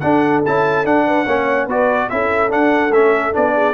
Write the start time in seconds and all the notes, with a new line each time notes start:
0.00 D4 A4 F#5
0.46 C#4 E4 A5
0.85 D4 F#5
1.06 B4
1.25 A#3 C#4 C#5
1.66 B3 F#4 B4 D5
2.10 C#4 E4 A4 E5
2.49 D4 F#5
2.91 A3 C#4 E5
3.33 B3 D4 D5
3.55 G#4